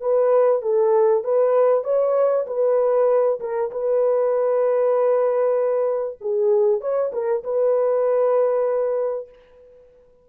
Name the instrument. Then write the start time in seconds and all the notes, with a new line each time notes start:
horn
0.00 B4
0.62 A4
1.24 B4
1.84 C#5
2.47 B4
3.40 A#4
3.71 B4
6.21 G#4
6.80 C#5
7.12 A#4
7.43 B4